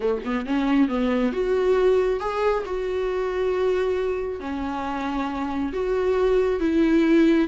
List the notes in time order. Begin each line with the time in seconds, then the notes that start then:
0.00 A3
0.24 B3
0.45 C#4
0.88 B3
1.32 F#4
2.20 G#4
2.65 F#4
4.40 C#4
5.72 F#4
6.60 E4